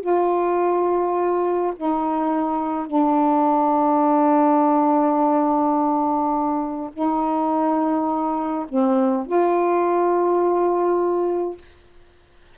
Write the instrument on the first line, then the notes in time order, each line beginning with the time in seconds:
saxophone
0.00 F4
1.76 D#4
2.86 D4
6.93 D#4
8.68 C4
9.26 F4